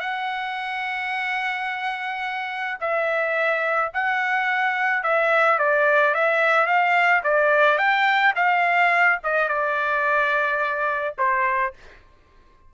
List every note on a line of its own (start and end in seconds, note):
0.00 2.78 F#5
2.80 3.91 E5
3.94 5.03 F#5
5.03 5.59 E5
5.59 6.14 D5
6.15 6.67 E5
6.67 7.22 F5
7.24 7.78 D5
7.78 8.34 G5
8.36 9.19 F5
9.23 9.48 D#5
9.48 11.15 D5
11.18 11.74 C5